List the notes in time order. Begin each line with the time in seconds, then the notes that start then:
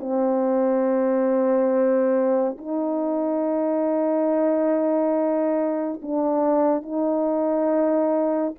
0.00 C4
2.58 D#4
6.02 D4
6.83 D#4